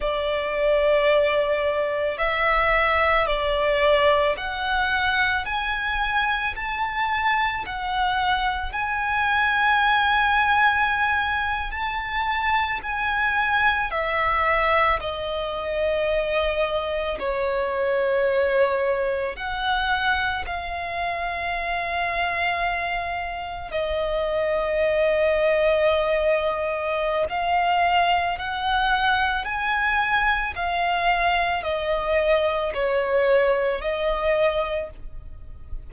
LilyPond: \new Staff \with { instrumentName = "violin" } { \time 4/4 \tempo 4 = 55 d''2 e''4 d''4 | fis''4 gis''4 a''4 fis''4 | gis''2~ gis''8. a''4 gis''16~ | gis''8. e''4 dis''2 cis''16~ |
cis''4.~ cis''16 fis''4 f''4~ f''16~ | f''4.~ f''16 dis''2~ dis''16~ | dis''4 f''4 fis''4 gis''4 | f''4 dis''4 cis''4 dis''4 | }